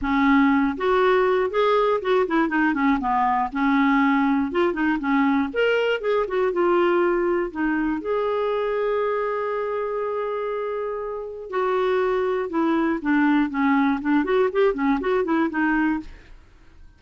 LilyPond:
\new Staff \with { instrumentName = "clarinet" } { \time 4/4 \tempo 4 = 120 cis'4. fis'4. gis'4 | fis'8 e'8 dis'8 cis'8 b4 cis'4~ | cis'4 f'8 dis'8 cis'4 ais'4 | gis'8 fis'8 f'2 dis'4 |
gis'1~ | gis'2. fis'4~ | fis'4 e'4 d'4 cis'4 | d'8 fis'8 g'8 cis'8 fis'8 e'8 dis'4 | }